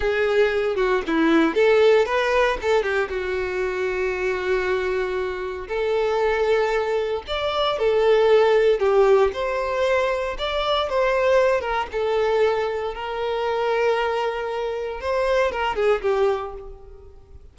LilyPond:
\new Staff \with { instrumentName = "violin" } { \time 4/4 \tempo 4 = 116 gis'4. fis'8 e'4 a'4 | b'4 a'8 g'8 fis'2~ | fis'2. a'4~ | a'2 d''4 a'4~ |
a'4 g'4 c''2 | d''4 c''4. ais'8 a'4~ | a'4 ais'2.~ | ais'4 c''4 ais'8 gis'8 g'4 | }